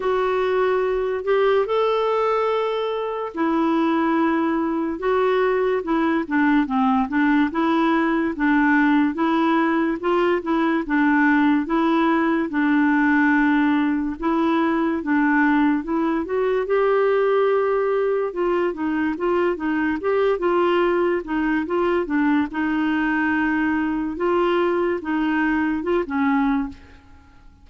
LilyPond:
\new Staff \with { instrumentName = "clarinet" } { \time 4/4 \tempo 4 = 72 fis'4. g'8 a'2 | e'2 fis'4 e'8 d'8 | c'8 d'8 e'4 d'4 e'4 | f'8 e'8 d'4 e'4 d'4~ |
d'4 e'4 d'4 e'8 fis'8 | g'2 f'8 dis'8 f'8 dis'8 | g'8 f'4 dis'8 f'8 d'8 dis'4~ | dis'4 f'4 dis'4 f'16 cis'8. | }